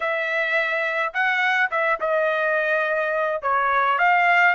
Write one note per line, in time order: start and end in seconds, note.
0.00 1.13 E5
1.13 1.70 F#5
1.70 1.99 E5
2.00 3.41 D#5
3.41 3.98 C#5
3.98 4.55 F5